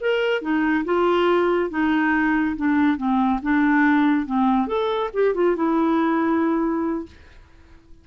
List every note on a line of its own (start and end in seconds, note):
0.00 0.41 A#4
0.41 0.84 D#4
0.85 1.70 F4
1.70 2.55 D#4
2.56 2.97 D4
2.97 3.40 C4
3.42 4.26 D4
4.26 4.67 C4
4.67 5.10 A4
5.13 5.34 G4
5.34 5.55 F4
5.55 7.05 E4